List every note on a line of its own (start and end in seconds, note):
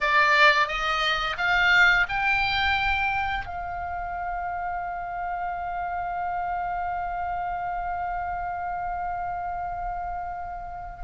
0.00 0.67 D5
0.67 1.36 D#5
1.37 2.06 F5
2.08 3.46 G5
3.46 11.04 F5